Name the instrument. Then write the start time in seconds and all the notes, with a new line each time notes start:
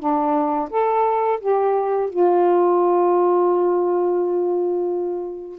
saxophone
0.00 D4
0.71 A4
1.40 G4
2.10 F4